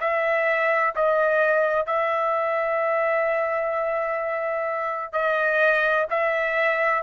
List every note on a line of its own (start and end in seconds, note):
0.00 0.94 E5
0.95 1.86 D#5
1.86 5.12 E5
5.12 6.06 D#5
6.10 7.02 E5